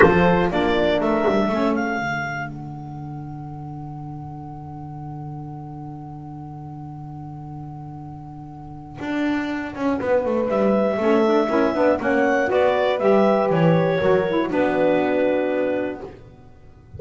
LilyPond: <<
  \new Staff \with { instrumentName = "clarinet" } { \time 4/4 \tempo 4 = 120 c''4 d''4 e''4. f''8~ | f''4 fis''2.~ | fis''1~ | fis''1~ |
fis''1~ | fis''4 e''2. | fis''4 d''4 e''4 cis''4~ | cis''4 b'2. | }
  \new Staff \with { instrumentName = "horn" } { \time 4/4 a'4 f'4 ais'4 a'4~ | a'1~ | a'1~ | a'1~ |
a'1 | b'2 a'4 ais'8 b'8 | cis''4 b'2. | ais'4 fis'2. | }
  \new Staff \with { instrumentName = "saxophone" } { \time 4/4 f'4 d'2 cis'4 | d'1~ | d'1~ | d'1~ |
d'1~ | d'2 cis'8 d'8 e'8 d'8 | cis'4 fis'4 g'2 | fis'8 e'8 d'2. | }
  \new Staff \with { instrumentName = "double bass" } { \time 4/4 f4 ais4 a8 g8 a4 | d1~ | d1~ | d1~ |
d2 d'4. cis'8 | b8 a8 g4 a4 cis'8 b8 | ais4 b4 g4 e4 | fis4 b2. | }
>>